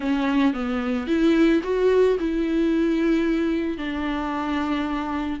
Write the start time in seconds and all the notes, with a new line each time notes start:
0.00 C#4
0.53 B3
1.07 E4
1.63 F#4
2.19 E4
3.77 D4